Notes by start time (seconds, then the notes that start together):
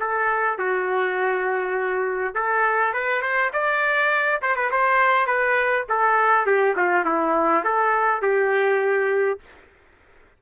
0.00 A4
0.58 F#4
2.35 A4
2.94 B4
3.22 C5
3.53 D5
4.42 C5
4.56 B4
4.71 C5
5.27 B4
5.89 A4
6.46 G4
6.76 F4
7.06 E4
7.65 A4
8.22 G4